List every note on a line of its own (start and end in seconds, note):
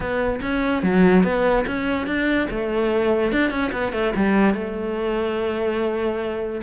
0.00 0.40 B3
0.41 0.82 C#4
0.82 1.23 F#3
1.23 1.65 B3
1.66 2.06 C#4
2.06 2.48 D4
2.50 3.32 A3
3.32 3.50 D4
3.50 3.71 C#4
3.72 3.92 B3
3.92 4.13 A3
4.15 4.54 G3
4.54 6.61 A3